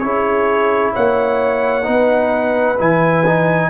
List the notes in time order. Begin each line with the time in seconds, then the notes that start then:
0.00 C#4 E4 G#4 C#5
0.94 A#3 C#5 F#5
1.83 B3 D#4 B4
2.79 E3 E4 G#5
3.27 D#4